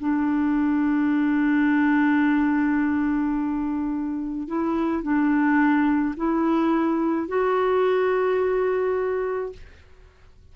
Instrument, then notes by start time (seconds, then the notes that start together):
clarinet
0.00 D4
4.48 E4
5.03 D4
6.17 E4
7.28 F#4